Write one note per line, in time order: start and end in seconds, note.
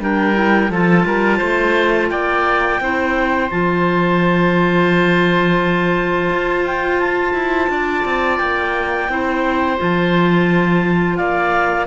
0.00 0.70 G3
0.00 0.34 D4
0.00 0.71 A#4
0.00 0.72 G5
0.34 0.69 E4
0.70 1.05 F3
0.70 2.81 F4
0.70 1.06 A4
0.70 2.10 A5
1.06 1.41 G3
1.06 1.38 A#4
1.38 2.11 A3
1.38 2.07 C5
2.10 2.80 A#3
2.10 2.81 D5
2.10 3.49 G5
2.80 3.50 C4
2.80 3.50 E4
2.80 7.71 C5
3.50 6.30 F3
3.50 9.08 F4
3.50 6.64 A5
6.30 7.33 F4
6.65 7.00 G5
7.00 8.38 A5
7.33 7.68 E4
7.69 8.04 D4
7.69 9.11 D5
8.05 8.40 C4
8.38 9.09 A#3
8.38 9.78 G5
9.09 9.78 C4
9.09 9.78 E4
9.09 11.18 C5
9.78 11.19 F3
9.78 11.87 F4
9.78 11.16 A5
11.16 11.87 A#3
11.16 11.87 D5
11.16 11.86 F5